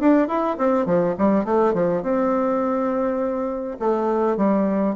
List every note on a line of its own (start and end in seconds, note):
0.00 0.28 D4
0.28 0.57 E4
0.58 0.86 C4
0.86 1.15 F3
1.18 1.45 G3
1.45 1.74 A3
1.74 2.03 F3
2.03 3.78 C4
3.80 4.37 A3
4.37 4.95 G3